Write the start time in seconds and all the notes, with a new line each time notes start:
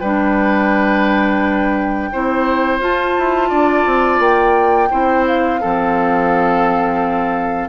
0.00 G3 D4 B4 G5
2.12 C4 E4 C5
2.80 F4 A5
3.19 E4
3.49 D4 D5
3.86 C4
4.19 A#3 G5
4.91 C4 E4 C5
5.27 F5
5.61 F3 C4 A4